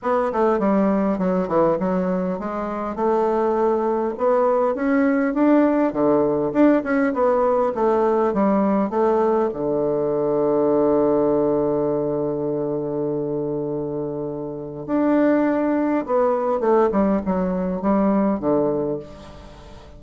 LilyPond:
\new Staff \with { instrumentName = "bassoon" } { \time 4/4 \tempo 4 = 101 b8 a8 g4 fis8 e8 fis4 | gis4 a2 b4 | cis'4 d'4 d4 d'8 cis'8 | b4 a4 g4 a4 |
d1~ | d1~ | d4 d'2 b4 | a8 g8 fis4 g4 d4 | }